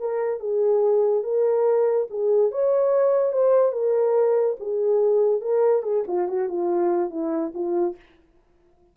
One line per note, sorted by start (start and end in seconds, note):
0.00 0.40 A#4
0.40 1.23 G#4
1.23 2.07 A#4
2.10 2.52 G#4
2.52 3.33 C#5
3.33 3.72 C5
3.72 4.56 A#4
4.60 5.41 G#4
5.41 5.83 A#4
5.83 6.04 G#4
6.08 6.29 F4
6.29 6.49 F#4
6.49 7.10 F4
7.10 7.52 E4
7.54 7.96 F4